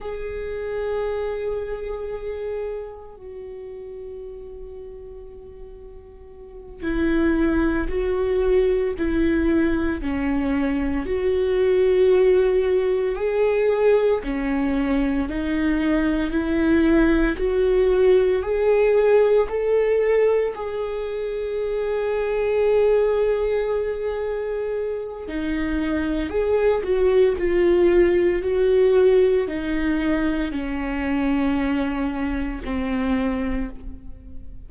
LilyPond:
\new Staff \with { instrumentName = "viola" } { \time 4/4 \tempo 4 = 57 gis'2. fis'4~ | fis'2~ fis'8 e'4 fis'8~ | fis'8 e'4 cis'4 fis'4.~ | fis'8 gis'4 cis'4 dis'4 e'8~ |
e'8 fis'4 gis'4 a'4 gis'8~ | gis'1 | dis'4 gis'8 fis'8 f'4 fis'4 | dis'4 cis'2 c'4 | }